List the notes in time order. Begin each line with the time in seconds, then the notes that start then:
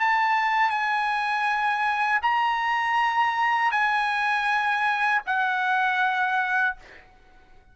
0.00 A5
0.70 G#5
2.23 A#5
3.72 G#5
5.26 F#5